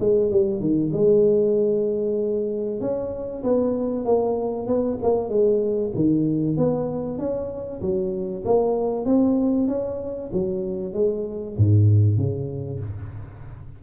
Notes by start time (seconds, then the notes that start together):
0.00 G#3
0.31 G3
0.60 D#3
0.93 G#3
2.81 C#4
3.44 B3
4.05 A#3
4.67 B3
5.03 A#3
5.29 G#3
5.95 D#3
6.57 B3
7.19 C#4
7.82 F#3
8.45 A#3
9.05 C4
9.68 C#4
10.33 F#3
10.94 G#3
11.58 G#2
12.17 C#3